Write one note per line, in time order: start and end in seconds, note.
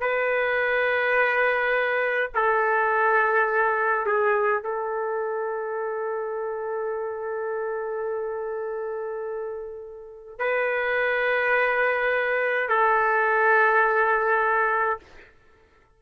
0.00 2.31 B4
2.34 4.06 A4
4.06 4.63 G#4
4.63 10.39 A4
10.39 12.69 B4
12.69 14.99 A4